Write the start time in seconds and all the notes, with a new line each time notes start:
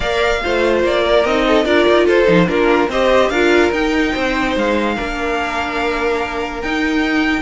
0.00 A#3 A#4 D5 F5
0.42 A3 F4 C5
0.83 A#3 D5
1.03 A#4
1.24 C4 D#4 D#5
1.47 A4
1.65 D4 F4 A#4 D5
1.88 D#4
2.05 F4 A4 C5
2.25 F3 D#4
2.47 A#3 D4 F4 A#4
2.88 C4 G4 C5 D#5
3.29 D4 F4 A#4 F5
3.71 D#4 G5
4.13 C4 C5
4.55 G#3 F5
4.94 A#3 D4 A#4
6.61 D#4 G5